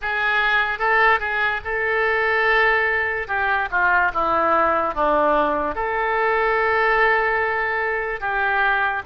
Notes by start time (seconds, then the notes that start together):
0.01 G#4
0.78 A4
1.19 G#4
1.64 A4
3.27 G4
3.70 F4
4.13 E4
4.94 D4
5.75 A4
8.20 G4